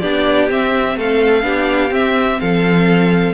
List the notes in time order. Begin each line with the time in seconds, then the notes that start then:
0.00 B3 D4 G4 D5
0.50 C4 E5
0.97 A3 A4 F5
1.42 B3 D4 G4
1.91 C4 E5
2.40 F3 A4 F5